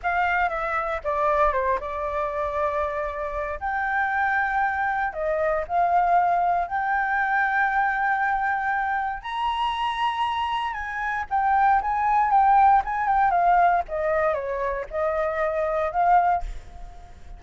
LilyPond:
\new Staff \with { instrumentName = "flute" } { \time 4/4 \tempo 4 = 117 f''4 e''4 d''4 c''8 d''8~ | d''2. g''4~ | g''2 dis''4 f''4~ | f''4 g''2.~ |
g''2 ais''2~ | ais''4 gis''4 g''4 gis''4 | g''4 gis''8 g''8 f''4 dis''4 | cis''4 dis''2 f''4 | }